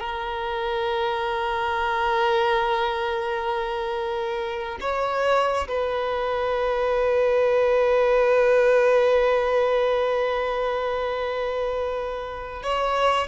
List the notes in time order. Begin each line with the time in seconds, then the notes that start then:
0.00 A#4
4.80 C#5
5.68 B4
12.62 C#5